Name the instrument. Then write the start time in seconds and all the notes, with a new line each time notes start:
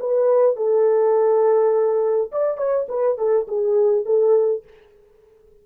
horn
0.00 B4
0.56 A4
2.32 D5
2.58 C#5
2.89 B4
3.18 A4
3.48 G#4
4.06 A4